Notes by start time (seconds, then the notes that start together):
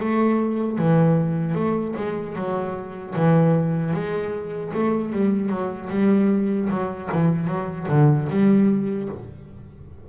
0.00 A3
0.78 E3
1.55 A3
1.97 G#3
2.36 F#3
3.16 E3
3.94 G#3
4.74 A3
5.13 G3
5.50 F#3
5.90 G3
6.70 F#3
7.13 E3
7.48 F#3
7.89 D3
8.30 G3